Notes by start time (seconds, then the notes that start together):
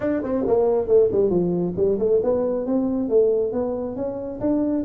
0.00 D4
0.23 C4
0.46 A#3
0.87 A3
1.11 G3
1.30 F3
1.76 G3
1.98 A3
2.23 B3
2.66 C4
3.09 A3
3.52 B3
3.95 C#4
4.40 D4